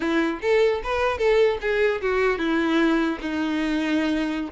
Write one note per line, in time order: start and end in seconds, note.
0.00 0.40 E4
0.41 0.81 A4
0.83 1.18 B4
1.18 1.58 A4
1.61 2.01 G#4
2.01 2.38 F#4
2.38 3.18 E4
3.21 4.51 D#4